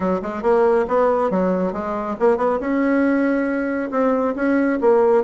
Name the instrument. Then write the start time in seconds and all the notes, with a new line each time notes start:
bassoon
0.00 F#3
0.22 G#3
0.42 A#3
0.88 B3
1.30 F#3
1.72 G#3
2.19 A#3
2.37 B3
2.60 C#4
3.91 C4
4.35 C#4
4.80 A#3